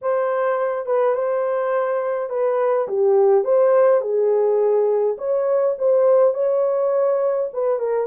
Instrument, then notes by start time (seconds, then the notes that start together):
horn
0.01 C5
0.85 B4
1.14 C5
2.29 B4
2.87 G4
3.44 C5
4.01 G#4
5.18 C#5
5.78 C5
6.34 C#5
7.53 B4
7.79 A#4